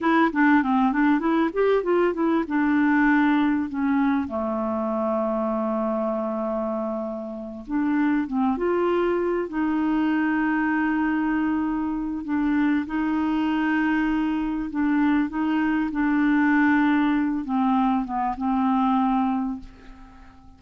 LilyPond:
\new Staff \with { instrumentName = "clarinet" } { \time 4/4 \tempo 4 = 98 e'8 d'8 c'8 d'8 e'8 g'8 f'8 e'8 | d'2 cis'4 a4~ | a1~ | a8 d'4 c'8 f'4. dis'8~ |
dis'1 | d'4 dis'2. | d'4 dis'4 d'2~ | d'8 c'4 b8 c'2 | }